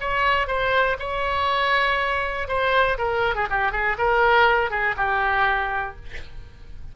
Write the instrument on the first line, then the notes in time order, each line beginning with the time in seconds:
oboe
0.00 C#5
0.47 C5
0.99 C#5
2.48 C5
2.98 A#4
3.35 G#4
3.50 G4
3.72 G#4
3.98 A#4
4.70 G#4
4.97 G4